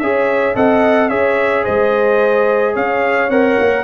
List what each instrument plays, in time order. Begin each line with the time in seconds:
0.00 tuba C#4, trombone G#4, horn C#5, trumpet E5
0.55 tuba C4, trombone A4, horn D#5, trumpet F#5
1.09 tuba C#4, trombone G#4, horn C#5, trumpet E5
1.64 tuba G#3, horn C5, trumpet D#5
2.74 tuba C#4, horn C#5, trumpet F5
3.29 tuba C4, trombone A#4, trumpet F#5
3.59 tuba A#3